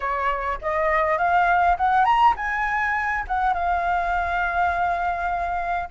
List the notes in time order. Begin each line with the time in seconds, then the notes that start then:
0.00 C#5
0.61 D#5
1.17 F5
1.77 F#5
2.04 A#5
2.36 G#5
3.27 F#5
3.53 F5